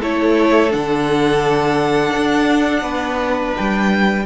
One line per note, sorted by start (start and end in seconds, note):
0.00 0.74 A3
0.00 0.70 E4
0.00 2.82 A4
0.00 0.72 C#5
0.70 2.15 D3
0.70 4.23 D4
0.70 3.54 F#5
2.16 2.82 D4
2.82 3.52 B3
2.82 4.24 B4
3.56 4.26 G3
3.56 4.26 G5